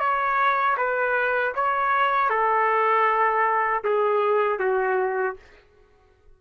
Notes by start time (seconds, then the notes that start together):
0.00 C#5
0.78 B4
1.56 C#5
2.30 A4
3.85 G#4
4.60 F#4